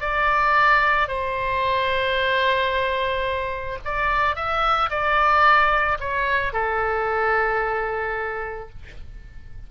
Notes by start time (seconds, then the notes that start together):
0.00 D5
1.08 C5
3.85 D5
4.35 E5
4.90 D5
6.00 C#5
6.53 A4